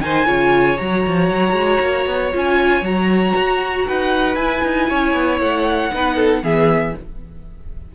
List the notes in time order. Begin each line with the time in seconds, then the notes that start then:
0.00 D#3 D#4 C5 G#5
0.26 C#3 F4 C#5
0.78 F#3 F#4 A#5
1.07 F3
1.30 F#3
1.53 G#3
1.80 A#3
2.06 B3
2.32 C#4 F4 G#5
2.82 F#3 F#4 A#5
3.36 F#4
3.87 D#4 B4 F#5
4.36 E4 G#5
4.64 D#4
4.89 C#4 C#5
5.14 B3
5.40 A3 F#5
5.93 B3 D#4 B4
6.15 A4
6.43 E3 B3 G#4 E5